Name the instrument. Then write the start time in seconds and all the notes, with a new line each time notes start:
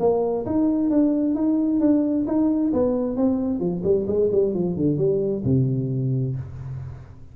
tuba
0.00 A#3
0.46 D#4
0.90 D4
1.35 D#4
1.80 D4
2.27 D#4
2.73 B3
3.17 C4
3.60 F3
3.84 G3
4.07 G#3
4.32 G3
4.54 F3
4.76 D3
4.98 G3
5.45 C3